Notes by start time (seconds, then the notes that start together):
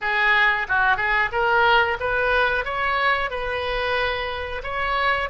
0.01 G#4
0.68 F#4
0.97 G#4
1.32 A#4
2.00 B4
2.64 C#5
3.30 B4
4.63 C#5